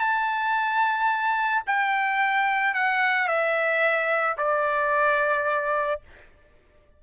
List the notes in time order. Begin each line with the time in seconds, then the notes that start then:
0.00 A5
1.67 G5
2.74 F#5
3.28 E5
4.38 D5